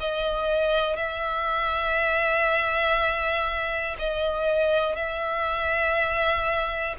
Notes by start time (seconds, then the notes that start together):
0.00 D#5
0.97 E5
3.99 D#5
4.96 E5